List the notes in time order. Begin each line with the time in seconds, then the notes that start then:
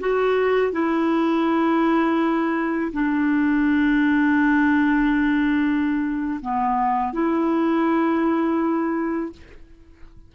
0.00 F#4
0.73 E4
2.93 D4
6.42 B3
7.13 E4